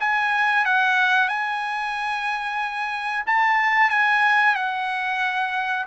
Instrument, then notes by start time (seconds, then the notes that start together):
trumpet
0.00 G#5
0.65 F#5
1.28 G#5
3.26 A5
3.90 G#5
4.55 F#5